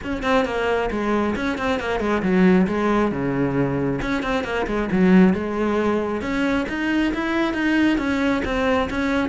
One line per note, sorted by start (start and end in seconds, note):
0.03 0.22 C#4
0.22 0.45 C4
0.45 0.89 A#3
0.90 1.35 G#3
1.35 1.57 C#4
1.58 1.79 C4
1.79 2.00 A#3
2.00 2.22 G#3
2.22 2.66 F#3
2.67 3.11 G#3
3.11 4.00 C#3
4.01 4.23 C#4
4.23 4.44 C4
4.44 4.66 A#3
4.66 4.89 G#3
4.91 5.33 F#3
5.33 6.21 G#3
6.21 6.66 C#4
6.68 7.13 D#4
7.13 7.53 E4
7.53 7.97 D#4
7.97 8.42 C#4
8.44 8.89 C4
8.90 9.29 C#4